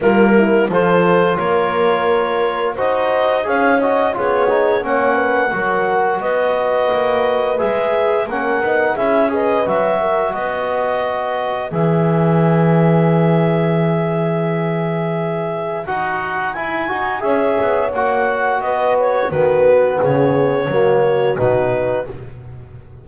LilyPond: <<
  \new Staff \with { instrumentName = "clarinet" } { \time 4/4 \tempo 4 = 87 ais'4 c''4 cis''2 | dis''4 f''8 dis''8 cis''4 fis''4~ | fis''4 dis''2 e''4 | fis''4 e''8 dis''8 e''4 dis''4~ |
dis''4 e''2.~ | e''2. fis''4 | gis''4 e''4 fis''4 dis''8 cis''8 | b'4 cis''2 b'4 | }
  \new Staff \with { instrumentName = "horn" } { \time 4/4 f'8 e'8 a'4 ais'2 | c''4 cis''4 gis'4 cis''8 b'8 | ais'4 b'2. | ais'4 gis'8 b'4 ais'8 b'4~ |
b'1~ | b'1~ | b'4 cis''2 b'4 | fis'4 gis'4 fis'2 | }
  \new Staff \with { instrumentName = "trombone" } { \time 4/4 ais4 f'2. | fis'4 gis'8 fis'8 f'8 dis'8 cis'4 | fis'2. gis'4 | cis'8 dis'8 e'8 gis'8 fis'2~ |
fis'4 gis'2.~ | gis'2. fis'4 | e'8 fis'8 gis'4 fis'2 | b2 ais4 dis'4 | }
  \new Staff \with { instrumentName = "double bass" } { \time 4/4 g4 f4 ais2 | dis'4 cis'4 b4 ais4 | fis4 b4 ais4 gis4 | ais8 b8 cis'4 fis4 b4~ |
b4 e2.~ | e2. dis'4 | e'8 dis'8 cis'8 b8 ais4 b4 | dis4 cis4 fis4 b,4 | }
>>